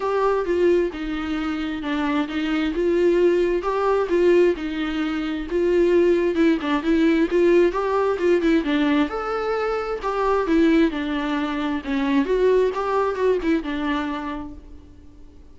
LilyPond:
\new Staff \with { instrumentName = "viola" } { \time 4/4 \tempo 4 = 132 g'4 f'4 dis'2 | d'4 dis'4 f'2 | g'4 f'4 dis'2 | f'2 e'8 d'8 e'4 |
f'4 g'4 f'8 e'8 d'4 | a'2 g'4 e'4 | d'2 cis'4 fis'4 | g'4 fis'8 e'8 d'2 | }